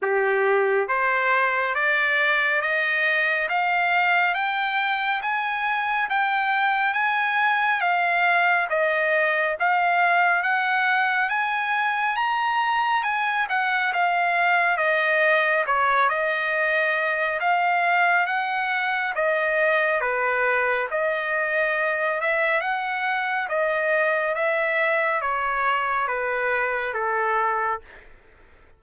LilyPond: \new Staff \with { instrumentName = "trumpet" } { \time 4/4 \tempo 4 = 69 g'4 c''4 d''4 dis''4 | f''4 g''4 gis''4 g''4 | gis''4 f''4 dis''4 f''4 | fis''4 gis''4 ais''4 gis''8 fis''8 |
f''4 dis''4 cis''8 dis''4. | f''4 fis''4 dis''4 b'4 | dis''4. e''8 fis''4 dis''4 | e''4 cis''4 b'4 a'4 | }